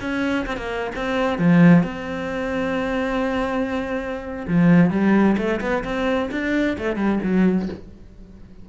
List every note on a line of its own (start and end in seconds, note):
0.00 0.46 C#4
0.46 0.57 C4
0.57 0.91 A#3
0.95 1.38 C4
1.38 1.83 F3
1.83 4.46 C4
4.47 4.90 F3
4.90 5.36 G3
5.37 5.60 A3
5.60 5.83 B3
5.84 6.30 C4
6.31 6.77 D4
6.78 6.96 A3
6.96 7.19 G3
7.23 7.69 F#3